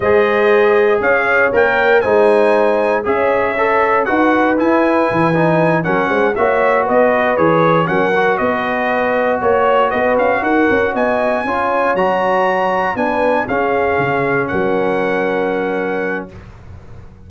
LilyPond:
<<
  \new Staff \with { instrumentName = "trumpet" } { \time 4/4 \tempo 4 = 118 dis''2 f''4 g''4 | gis''2 e''2 | fis''4 gis''2~ gis''8 fis''8~ | fis''8 e''4 dis''4 cis''4 fis''8~ |
fis''8 dis''2 cis''4 dis''8 | f''8 fis''4 gis''2 ais''8~ | ais''4. gis''4 f''4.~ | f''8 fis''2.~ fis''8 | }
  \new Staff \with { instrumentName = "horn" } { \time 4/4 c''2 cis''2 | c''2 cis''2 | b'2.~ b'8 ais'8 | c''8 cis''4 b'2 ais'8~ |
ais'8 b'2 cis''4 b'8~ | b'8 ais'4 dis''4 cis''4.~ | cis''4. b'4 gis'4.~ | gis'8 ais'2.~ ais'8 | }
  \new Staff \with { instrumentName = "trombone" } { \time 4/4 gis'2. ais'4 | dis'2 gis'4 a'4 | fis'4 e'4. dis'4 cis'8~ | cis'8 fis'2 gis'4 cis'8 |
fis'1~ | fis'2~ fis'8 f'4 fis'8~ | fis'4. d'4 cis'4.~ | cis'1 | }
  \new Staff \with { instrumentName = "tuba" } { \time 4/4 gis2 cis'4 ais4 | gis2 cis'2 | dis'4 e'4 e4. fis8 | gis8 ais4 b4 e4 fis8~ |
fis8 b2 ais4 b8 | cis'8 dis'8 cis'8 b4 cis'4 fis8~ | fis4. b4 cis'4 cis8~ | cis8 fis2.~ fis8 | }
>>